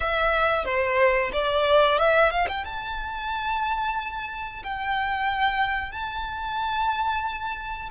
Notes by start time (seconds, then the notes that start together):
0.00 E5
0.64 C5
1.32 D5
1.98 E5
2.30 F5
2.48 G5
2.65 A5
4.63 G5
5.91 A5